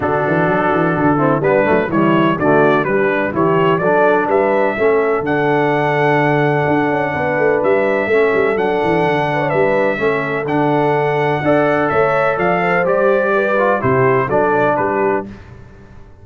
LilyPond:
<<
  \new Staff \with { instrumentName = "trumpet" } { \time 4/4 \tempo 4 = 126 a'2. b'4 | cis''4 d''4 b'4 cis''4 | d''4 e''2 fis''4~ | fis''1 |
e''2 fis''2 | e''2 fis''2~ | fis''4 e''4 f''4 d''4~ | d''4 c''4 d''4 b'4 | }
  \new Staff \with { instrumentName = "horn" } { \time 4/4 fis'2~ fis'8 e'8 d'4 | e'4 fis'4 d'4 g'4 | a'4 b'4 a'2~ | a'2. b'4~ |
b'4 a'2~ a'8 b'16 cis''16 | b'4 a'2. | d''4 cis''4 d''8 c''4. | b'4 g'4 a'4 g'4 | }
  \new Staff \with { instrumentName = "trombone" } { \time 4/4 d'2~ d'8 c'8 b8 a8 | g4 a4 g4 e'4 | d'2 cis'4 d'4~ | d'1~ |
d'4 cis'4 d'2~ | d'4 cis'4 d'2 | a'2. g'4~ | g'8 f'8 e'4 d'2 | }
  \new Staff \with { instrumentName = "tuba" } { \time 4/4 d8 e8 fis8 e8 d4 g8 fis8 | e4 d4 g4 e4 | fis4 g4 a4 d4~ | d2 d'8 cis'8 b8 a8 |
g4 a8 g8 fis8 e8 d4 | g4 a4 d2 | d'4 a4 f4 g4~ | g4 c4 fis4 g4 | }
>>